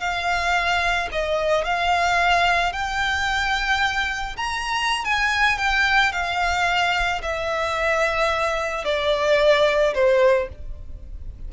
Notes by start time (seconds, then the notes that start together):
0.00 F5
1.12 D#5
1.65 F5
2.73 G5
4.37 A#5
5.05 G#5
5.58 G5
6.13 F5
7.23 E5
8.85 D5
9.94 C5